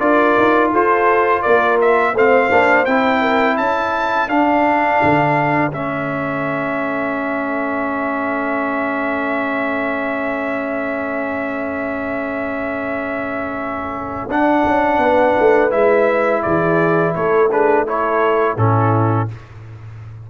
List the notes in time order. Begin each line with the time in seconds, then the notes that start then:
0.00 D4 F4 A#4 D5
0.37 D#4
0.72 F4 A4 C5
1.43 A#3 A#4 D5
1.81 E5
2.13 A3 C4 C5 F5
2.51 A#3 D4
2.86 C4 E4 G5
3.21 A#4
3.56 C#4 A4 A5
4.28 D4 F5
5.03 D3
5.72 A3 C#4 E5
14.29 D4 F#5
14.66 C#4
14.99 B3 B4
15.39 A3
15.71 G#3 E4 E5
16.43 E3 G#4 D5
17.15 A3 A4 C#5
17.51 D4 G#4 B4
17.86 E4 A4 C#5
18.57 A2 C#4 E4 A4